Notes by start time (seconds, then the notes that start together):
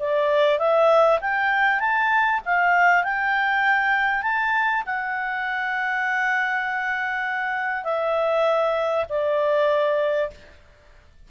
0.00 D5
0.59 E5
1.21 G5
1.80 A5
2.45 F5
3.04 G5
4.23 A5
4.87 F#5
7.85 E5
9.10 D5